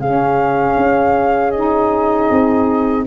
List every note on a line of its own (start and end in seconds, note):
0.00 0.76 C#3
0.00 1.55 C#4
0.00 3.06 G#4
0.00 1.51 F5
0.77 2.29 C#4
1.51 3.07 D#4
1.51 3.03 D#5
2.31 3.07 C4